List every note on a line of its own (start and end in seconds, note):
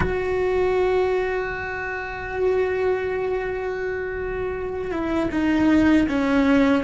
0.00 4.91 F#4
4.91 5.29 E4
5.31 6.07 D#4
6.08 6.84 C#4